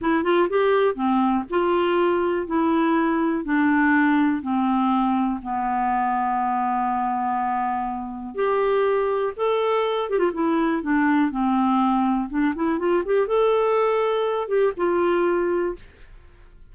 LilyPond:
\new Staff \with { instrumentName = "clarinet" } { \time 4/4 \tempo 4 = 122 e'8 f'8 g'4 c'4 f'4~ | f'4 e'2 d'4~ | d'4 c'2 b4~ | b1~ |
b4 g'2 a'4~ | a'8 g'16 f'16 e'4 d'4 c'4~ | c'4 d'8 e'8 f'8 g'8 a'4~ | a'4. g'8 f'2 | }